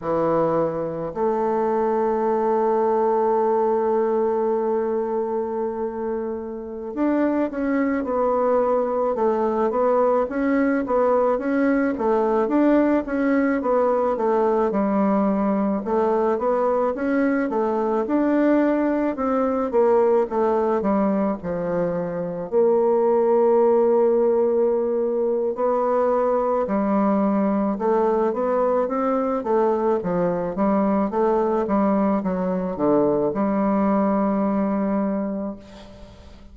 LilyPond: \new Staff \with { instrumentName = "bassoon" } { \time 4/4 \tempo 4 = 54 e4 a2.~ | a2~ a16 d'8 cis'8 b8.~ | b16 a8 b8 cis'8 b8 cis'8 a8 d'8 cis'16~ | cis'16 b8 a8 g4 a8 b8 cis'8 a16~ |
a16 d'4 c'8 ais8 a8 g8 f8.~ | f16 ais2~ ais8. b4 | g4 a8 b8 c'8 a8 f8 g8 | a8 g8 fis8 d8 g2 | }